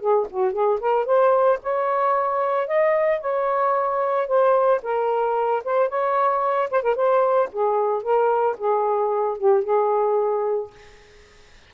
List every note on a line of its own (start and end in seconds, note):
0.00 0.27 G#4
0.30 0.53 F#4
0.53 0.79 G#4
0.80 1.05 A#4
1.05 1.59 C5
1.62 2.68 C#5
2.68 3.20 D#5
3.20 4.27 C#5
4.27 4.81 C5
4.82 5.63 A#4
5.64 5.89 C5
5.89 6.69 C#5
6.71 6.83 C5
6.83 6.95 A#4
6.95 7.49 C5
7.52 8.03 G#4
8.03 8.56 A#4
8.58 9.38 G#4
9.38 9.64 G4
9.64 10.71 G#4